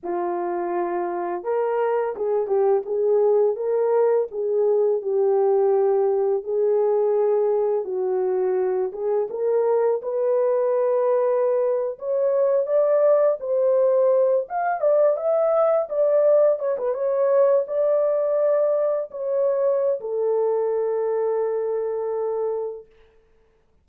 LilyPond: \new Staff \with { instrumentName = "horn" } { \time 4/4 \tempo 4 = 84 f'2 ais'4 gis'8 g'8 | gis'4 ais'4 gis'4 g'4~ | g'4 gis'2 fis'4~ | fis'8 gis'8 ais'4 b'2~ |
b'8. cis''4 d''4 c''4~ c''16~ | c''16 f''8 d''8 e''4 d''4 cis''16 b'16 cis''16~ | cis''8. d''2 cis''4~ cis''16 | a'1 | }